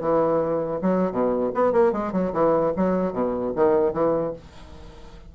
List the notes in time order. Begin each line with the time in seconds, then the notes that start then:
0.00 E3
0.81 F#3
1.11 B2
1.54 B3
1.72 A#3
1.92 G#3
2.12 F#3
2.32 E3
2.76 F#3
3.12 B2
3.55 D#3
3.92 E3